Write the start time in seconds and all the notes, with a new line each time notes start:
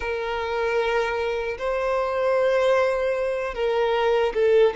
0.00 A#4
1.58 C5
3.54 A#4
4.33 A4